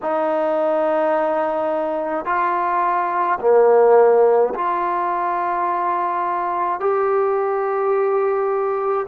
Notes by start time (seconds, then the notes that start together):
0.02 D#4
2.25 F4
3.40 A#3
4.54 F4
6.79 G4